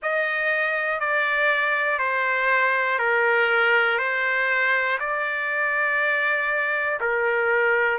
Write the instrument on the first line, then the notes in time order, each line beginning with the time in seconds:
trumpet
0.02 D#5
1.00 D5
1.99 C5
2.98 A#4
3.98 C5
4.99 D5
7.00 A#4